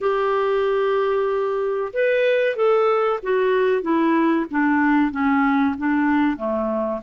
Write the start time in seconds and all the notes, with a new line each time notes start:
0.01 G4
1.93 B4
2.55 A4
3.22 F#4
3.82 E4
4.50 D4
5.11 C#4
5.78 D4
6.36 A3